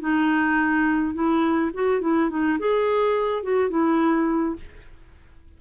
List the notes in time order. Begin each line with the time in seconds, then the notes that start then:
0.00 D#4
1.14 E4
1.74 F#4
2.01 E4
2.29 D#4
2.59 G#4
3.43 F#4
3.70 E4